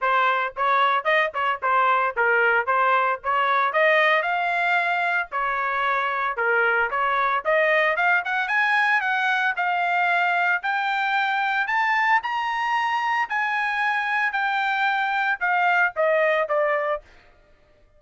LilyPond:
\new Staff \with { instrumentName = "trumpet" } { \time 4/4 \tempo 4 = 113 c''4 cis''4 dis''8 cis''8 c''4 | ais'4 c''4 cis''4 dis''4 | f''2 cis''2 | ais'4 cis''4 dis''4 f''8 fis''8 |
gis''4 fis''4 f''2 | g''2 a''4 ais''4~ | ais''4 gis''2 g''4~ | g''4 f''4 dis''4 d''4 | }